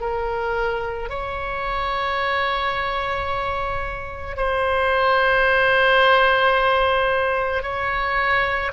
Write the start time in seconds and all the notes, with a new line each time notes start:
0.00 A#4
1.09 C#5
4.36 C5
7.63 C#5